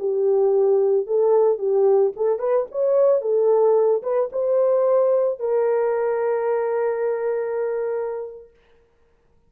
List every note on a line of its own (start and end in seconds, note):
0.00 1.07 G4
1.07 1.59 A4
1.59 2.13 G4
2.17 2.40 A4
2.40 2.67 B4
2.72 3.22 C#5
3.22 4.03 A4
4.03 4.30 B4
4.33 5.40 C5
5.40 8.51 A#4